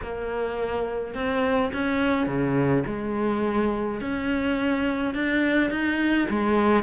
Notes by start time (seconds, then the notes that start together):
0.02 A#3
1.14 C4
1.73 C#4
2.26 C#3
2.86 G#3
4.01 C#4
5.14 D4
5.70 D#4
6.29 G#3